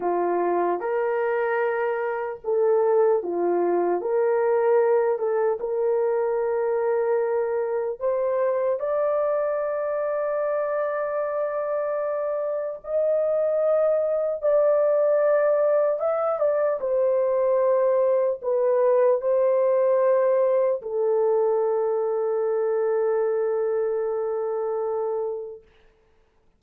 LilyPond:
\new Staff \with { instrumentName = "horn" } { \time 4/4 \tempo 4 = 75 f'4 ais'2 a'4 | f'4 ais'4. a'8 ais'4~ | ais'2 c''4 d''4~ | d''1 |
dis''2 d''2 | e''8 d''8 c''2 b'4 | c''2 a'2~ | a'1 | }